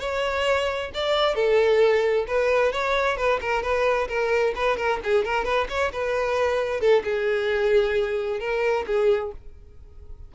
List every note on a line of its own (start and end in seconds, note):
0.00 0.91 C#5
0.94 1.35 D5
1.35 2.26 A4
2.28 2.72 B4
2.72 3.17 C#5
3.17 3.40 B4
3.41 3.63 A#4
3.63 4.08 B4
4.08 4.54 A#4
4.55 4.77 B4
4.77 5.00 A#4
5.04 5.25 G#4
5.25 5.45 A#4
5.45 5.67 B4
5.69 5.92 C#5
5.93 6.81 B4
6.81 7.03 A4
7.05 8.40 G#4
8.40 8.85 A#4
8.87 9.32 G#4